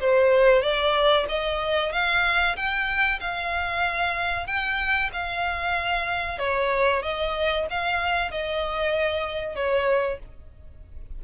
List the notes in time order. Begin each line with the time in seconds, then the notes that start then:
0.00 C5
0.62 D5
1.28 D#5
1.92 F5
2.56 G5
3.20 F5
4.46 G5
5.13 F5
6.38 C#5
7.02 D#5
7.70 F5
8.31 D#5
9.55 C#5